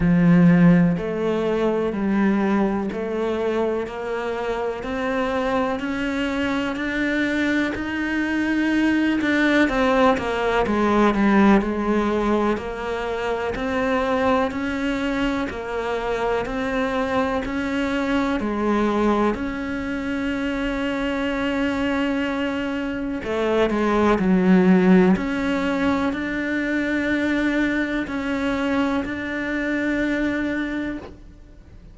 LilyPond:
\new Staff \with { instrumentName = "cello" } { \time 4/4 \tempo 4 = 62 f4 a4 g4 a4 | ais4 c'4 cis'4 d'4 | dis'4. d'8 c'8 ais8 gis8 g8 | gis4 ais4 c'4 cis'4 |
ais4 c'4 cis'4 gis4 | cis'1 | a8 gis8 fis4 cis'4 d'4~ | d'4 cis'4 d'2 | }